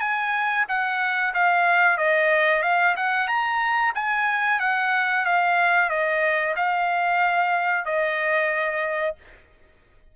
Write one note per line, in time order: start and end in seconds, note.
0.00 0.65 G#5
0.68 1.33 F#5
1.34 1.98 F5
1.98 2.63 D#5
2.63 2.95 F5
2.96 3.28 F#5
3.28 3.93 A#5
3.95 4.60 G#5
4.60 5.25 F#5
5.25 5.90 F5
5.90 6.55 D#5
6.56 7.85 F5
7.85 9.16 D#5